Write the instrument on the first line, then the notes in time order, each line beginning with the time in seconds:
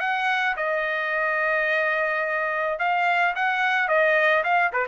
trumpet
0.00 F#5
0.57 D#5
2.79 F5
3.35 F#5
3.88 D#5
4.44 F5
4.73 B4